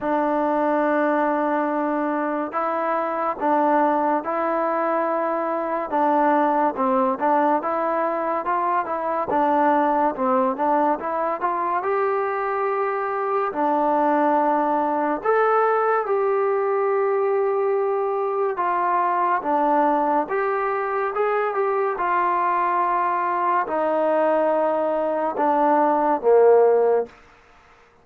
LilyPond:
\new Staff \with { instrumentName = "trombone" } { \time 4/4 \tempo 4 = 71 d'2. e'4 | d'4 e'2 d'4 | c'8 d'8 e'4 f'8 e'8 d'4 | c'8 d'8 e'8 f'8 g'2 |
d'2 a'4 g'4~ | g'2 f'4 d'4 | g'4 gis'8 g'8 f'2 | dis'2 d'4 ais4 | }